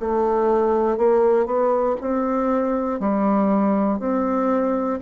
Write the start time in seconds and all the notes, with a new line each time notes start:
0.00 A3
0.98 A#3
1.46 B3
2.01 C4
3.00 G3
4.00 C4